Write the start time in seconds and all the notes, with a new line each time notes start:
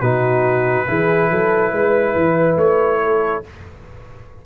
0.00 B2 D#4 F#4 B4
0.86 E3 E4 G#4
1.30 F#3 A4
1.72 G#3 B4
2.15 E3
2.56 A3 C#5
3.02 A4